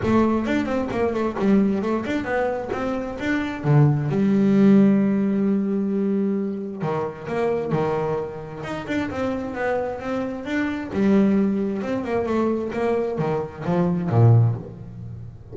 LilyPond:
\new Staff \with { instrumentName = "double bass" } { \time 4/4 \tempo 4 = 132 a4 d'8 c'8 ais8 a8 g4 | a8 d'8 b4 c'4 d'4 | d4 g2.~ | g2. dis4 |
ais4 dis2 dis'8 d'8 | c'4 b4 c'4 d'4 | g2 c'8 ais8 a4 | ais4 dis4 f4 ais,4 | }